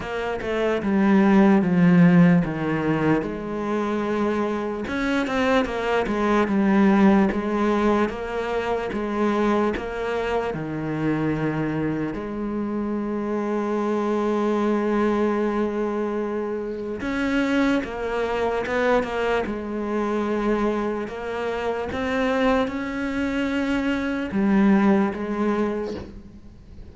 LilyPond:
\new Staff \with { instrumentName = "cello" } { \time 4/4 \tempo 4 = 74 ais8 a8 g4 f4 dis4 | gis2 cis'8 c'8 ais8 gis8 | g4 gis4 ais4 gis4 | ais4 dis2 gis4~ |
gis1~ | gis4 cis'4 ais4 b8 ais8 | gis2 ais4 c'4 | cis'2 g4 gis4 | }